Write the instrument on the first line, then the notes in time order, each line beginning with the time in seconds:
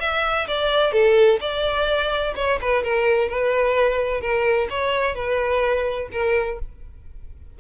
violin
0.00 E5
0.47 D5
0.92 A4
1.40 D5
2.35 C#5
2.61 B4
2.83 A#4
3.28 B4
4.21 A#4
4.70 C#5
5.15 B4
6.12 A#4